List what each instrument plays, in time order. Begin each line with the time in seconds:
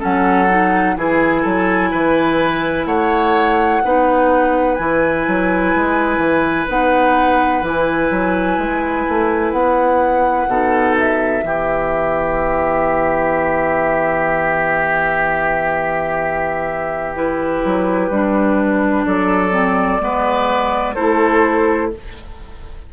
0.00 bassoon F#3, clarinet C#4, oboe A4, flute F#5
0.49 clarinet D#4
0.97 bassoon E3, clarinet E4, oboe G#4, flute G#5
1.42 bassoon F#3, oboe A4
1.91 bassoon E3, oboe B4
2.86 bassoon A3, oboe C#5, flute F#5
3.85 bassoon B3, clarinet D#4, oboe B4
4.76 bassoon E3, clarinet E4, flute G#5
5.28 bassoon F#3
5.75 bassoon G#3
6.18 bassoon E3
6.68 bassoon B3, clarinet D#4, flute F#5
7.62 bassoon E3, clarinet E4, flute G#5
8.11 bassoon F#3
8.58 bassoon G#3
9.09 bassoon A3
9.52 bassoon B3, flute F#5
10.48 bassoon B2, clarinet D#4, oboe A4
10.98 flute E5
11.43 bassoon E3, clarinet B3, oboe G4
17.15 clarinet E4, flute B4
17.65 bassoon F#3
18.10 bassoon G3, clarinet D4
19.06 bassoon F#3, oboe A4, flute D5
19.52 clarinet C4
20.01 bassoon G#3, clarinet B3, oboe B4
20.95 bassoon A3, clarinet E4, oboe A4, flute C5